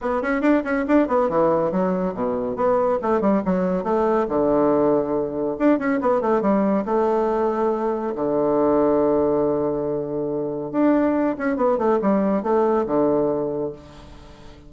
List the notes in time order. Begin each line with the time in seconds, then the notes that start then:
0.01 B3
0.22 C#4
0.41 D4
0.64 C#4
0.87 D4
1.07 B3
1.29 E3
1.71 F#3
2.14 B2
2.55 B3
3.02 A3
3.20 G3
3.45 F#3
3.83 A3
4.28 D3
5.59 D4
5.78 C#4
6.00 B3
6.21 A3
6.41 G3
6.85 A3
8.15 D3
10.71 D4
11.37 C#4
11.56 B3
11.78 A3
12.01 G3
12.42 A3
12.86 D3